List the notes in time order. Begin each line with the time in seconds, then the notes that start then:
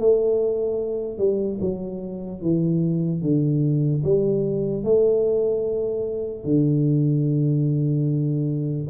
0.00 A3
1.19 G3
1.61 F#3
2.42 E3
3.22 D3
4.04 G3
4.84 A3
6.45 D3